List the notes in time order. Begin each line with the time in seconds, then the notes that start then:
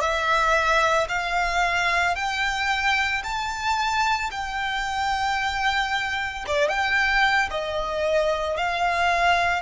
0.00 E5
1.08 F5
2.15 G5
3.23 A5
4.31 G5
6.47 D5
6.69 G5
7.50 D#5
8.57 F5